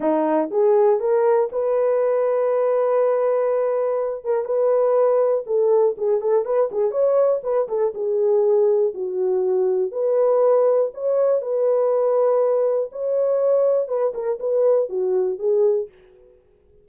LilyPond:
\new Staff \with { instrumentName = "horn" } { \time 4/4 \tempo 4 = 121 dis'4 gis'4 ais'4 b'4~ | b'1~ | b'8 ais'8 b'2 a'4 | gis'8 a'8 b'8 gis'8 cis''4 b'8 a'8 |
gis'2 fis'2 | b'2 cis''4 b'4~ | b'2 cis''2 | b'8 ais'8 b'4 fis'4 gis'4 | }